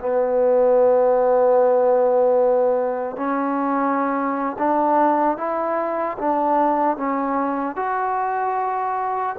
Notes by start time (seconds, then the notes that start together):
0.00 B3
3.16 C#4
4.58 D4
5.37 E4
6.18 D4
6.97 C#4
7.76 F#4